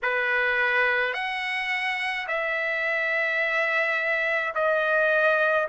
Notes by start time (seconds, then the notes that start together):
0.02 B4
1.13 F#5
2.27 E5
4.54 D#5